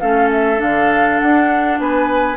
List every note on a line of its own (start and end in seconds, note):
0.00 0.61 A3
0.00 0.57 C#4
0.00 1.79 A4
0.00 0.30 F5
0.31 0.61 E5
0.57 1.20 D3
0.57 2.35 D4
0.57 1.19 F5
1.19 1.79 D4
1.19 1.79 F#5
1.79 2.37 B3
1.79 2.37 B4
1.79 2.37 G#5